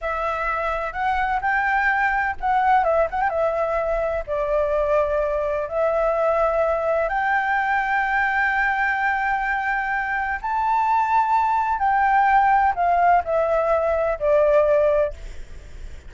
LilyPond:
\new Staff \with { instrumentName = "flute" } { \time 4/4 \tempo 4 = 127 e''2 fis''4 g''4~ | g''4 fis''4 e''8 fis''16 g''16 e''4~ | e''4 d''2. | e''2. g''4~ |
g''1~ | g''2 a''2~ | a''4 g''2 f''4 | e''2 d''2 | }